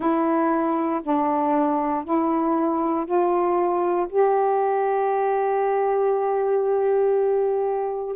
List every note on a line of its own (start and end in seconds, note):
0.00 1.01 E4
1.03 2.04 D4
2.04 3.05 E4
3.05 4.07 F4
4.09 8.15 G4